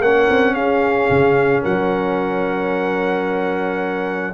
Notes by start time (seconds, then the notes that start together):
0.00 A#3 C#4 A#4 F#5
0.29 C4
0.54 C#4 G#4 F5
1.09 C#3
1.62 F#3 A#4 F#5